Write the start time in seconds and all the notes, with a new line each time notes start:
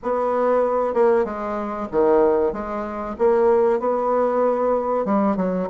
0.02 B3
0.94 A#3
1.24 G#3
1.91 D#3
2.52 G#3
3.18 A#3
3.79 B3
5.05 G3
5.36 F#3